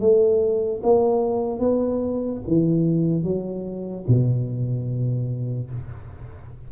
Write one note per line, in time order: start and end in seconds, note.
0.00 0.81 A3
0.83 1.59 A#3
1.59 2.40 B3
2.47 3.23 E3
3.23 4.04 F#3
4.08 5.70 B2